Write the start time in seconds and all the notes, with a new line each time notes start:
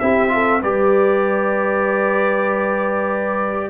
0.00 C4 E4 G4 E5
0.29 F4 A4
0.61 G3 G4 B4 D5